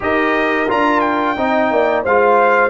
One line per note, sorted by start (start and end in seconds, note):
0.00 0.69 D#4
0.00 0.67 G4
0.00 1.37 A#4
0.00 0.70 D#5
0.68 1.37 D4
0.68 1.36 F4
0.68 1.00 A#5
1.00 2.02 G5
1.37 1.71 C4
1.37 2.05 D#4
1.37 1.71 D#5
1.71 2.05 A#3
1.71 2.03 D5
2.03 2.70 G#3
2.03 2.70 F4
2.03 2.70 C5
2.03 2.70 F5